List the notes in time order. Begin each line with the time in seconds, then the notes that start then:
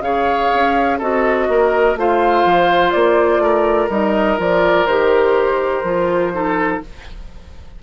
0.00 C#3 G#4 C#5 F5
0.54 C#4
0.98 C4 F#4 A4 D#5
1.48 A#3 A#4
1.95 A3 F4 C5 F5
2.45 F3
2.91 A#3 D5
3.38 A3 A#4
3.89 G3 D#4 D#5
4.37 F3 F4 D5
4.86 D#3 G4 C5
5.83 F3 F4
6.32 D#4 A4